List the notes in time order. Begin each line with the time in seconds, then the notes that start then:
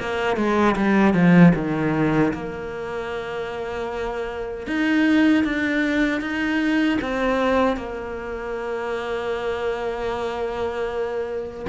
0.00 A#3
0.37 G#3
0.77 G3
1.14 F3
1.55 D#3
2.34 A#3
4.68 D#4
5.44 D4
6.21 D#4
7.02 C4
7.77 A#3